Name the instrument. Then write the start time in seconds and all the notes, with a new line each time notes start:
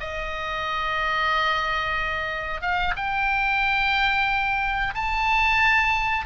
oboe
0.00 D#5
2.61 F5
2.96 G5
4.94 A5